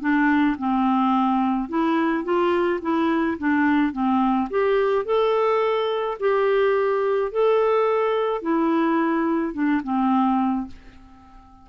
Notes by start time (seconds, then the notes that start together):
0.00 D4
0.58 C4
1.68 E4
2.24 F4
2.81 E4
3.38 D4
3.92 C4
4.50 G4
5.05 A4
6.19 G4
7.31 A4
8.42 E4
9.53 D4
9.83 C4